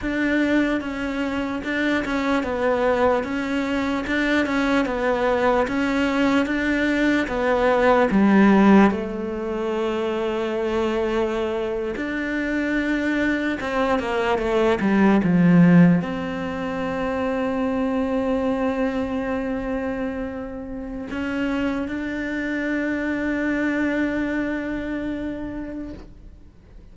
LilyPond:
\new Staff \with { instrumentName = "cello" } { \time 4/4 \tempo 4 = 74 d'4 cis'4 d'8 cis'8 b4 | cis'4 d'8 cis'8 b4 cis'4 | d'4 b4 g4 a4~ | a2~ a8. d'4~ d'16~ |
d'8. c'8 ais8 a8 g8 f4 c'16~ | c'1~ | c'2 cis'4 d'4~ | d'1 | }